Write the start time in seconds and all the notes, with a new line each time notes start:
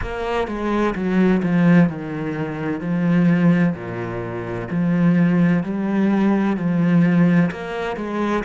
0.01 A#3
0.47 G#3
0.95 F#3
1.42 F3
1.89 D#3
2.80 F3
3.74 A#2
4.70 F3
5.62 G3
6.56 F3
7.51 A#3
7.96 G#3